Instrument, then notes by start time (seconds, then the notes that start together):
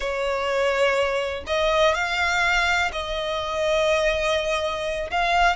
violin
0.00 C#5
1.46 D#5
1.94 F5
2.92 D#5
5.10 F5